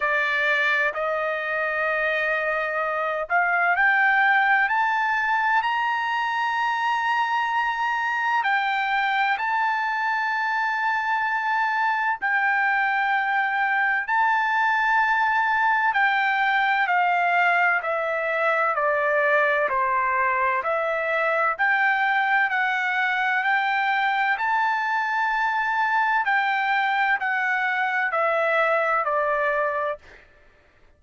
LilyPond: \new Staff \with { instrumentName = "trumpet" } { \time 4/4 \tempo 4 = 64 d''4 dis''2~ dis''8 f''8 | g''4 a''4 ais''2~ | ais''4 g''4 a''2~ | a''4 g''2 a''4~ |
a''4 g''4 f''4 e''4 | d''4 c''4 e''4 g''4 | fis''4 g''4 a''2 | g''4 fis''4 e''4 d''4 | }